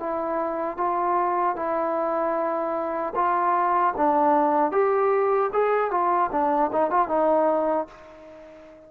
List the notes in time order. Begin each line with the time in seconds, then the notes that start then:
0.00 E4
0.78 F4
1.56 E4
3.15 F4
3.97 D4
4.72 G4
5.53 G#4
5.91 F4
6.32 D4
6.73 D#4
6.91 F4
7.08 D#4